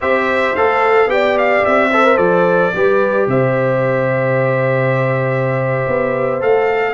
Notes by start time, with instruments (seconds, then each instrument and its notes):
0.01 tuba C4, trombone G4, horn C5, trumpet E5
0.55 tuba A3, trombone A4, trumpet F5
1.06 tuba B3, trombone G4, horn D5, trumpet G5
1.37 trumpet F5
1.65 tuba C4, trumpet E5
1.90 trombone A4, horn C5
2.04 trombone A#4
2.17 tuba F3, trombone A4, trumpet D5
2.74 tuba G3, trombone G4, horn B4
3.27 tuba C3, horn C5, trumpet E5
5.87 tuba B3
6.40 tuba A3, trombone A4, trumpet F5